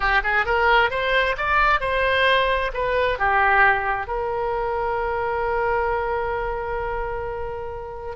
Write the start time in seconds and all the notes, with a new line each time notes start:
0.00 G4
0.23 G#4
0.45 A#4
0.90 C5
1.37 D5
1.80 C5
2.73 B4
3.19 G4
4.07 A#4